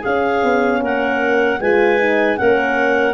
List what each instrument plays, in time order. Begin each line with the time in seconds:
0.00 tuba C#4, clarinet G#4 F5
0.06 horn C#4
0.43 tuba B3
0.81 tuba A#3, clarinet A#4 F#5
1.59 tuba G#3, horn F4, clarinet B4 G#5
1.98 horn D#4
2.36 tuba A#3, horn C#4, clarinet A#4 F#5